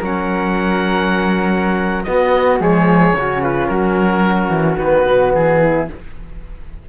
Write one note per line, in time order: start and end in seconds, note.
0.00 2.06 F#3
0.00 2.05 C#4
0.00 2.05 A#4
0.00 2.04 F#5
2.04 2.59 B3
2.04 2.60 B3
2.04 2.61 F#4
2.04 2.59 D#5
2.59 3.13 F3
2.59 3.13 G#3
2.59 3.16 G#4
2.59 3.43 C#5
3.13 3.68 C#3
3.13 4.79 C#4
3.13 3.44 F#4
3.43 3.71 F4
3.43 3.68 B4
3.68 4.49 F#3
3.68 5.61 F#4
3.68 4.77 A#4
4.49 4.76 E3
4.79 5.06 D#3
4.79 5.88 B3
4.79 5.33 B4
5.06 5.34 B2
5.35 5.89 E3
5.35 5.90 G#4
5.62 5.89 E4